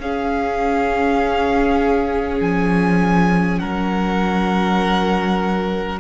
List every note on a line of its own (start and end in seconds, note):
0.00 2.40 C#4
0.00 6.00 C#4
0.00 3.60 G#4
0.00 2.41 F5
2.41 3.61 F3
2.41 3.59 G#5
3.59 6.00 F#3
3.59 6.00 A#4
3.59 5.99 F#5